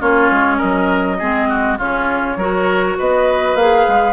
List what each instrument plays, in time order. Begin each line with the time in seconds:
0.00 bassoon A#3, clarinet C#4, oboe F4, flute C#5
0.30 bassoon G#3
0.58 bassoon F#3, oboe A#4, flute D#5
1.19 bassoon G#3, clarinet C4, oboe G#4
1.49 oboe F#4
1.78 bassoon C#3, clarinet C#4, oboe F4, flute C#5
2.36 bassoon F#3, clarinet F#4, oboe A#4
2.98 bassoon B3, oboe B4, flute D#5
3.55 bassoon A#3, clarinet G#4, flute F5
3.88 bassoon G#3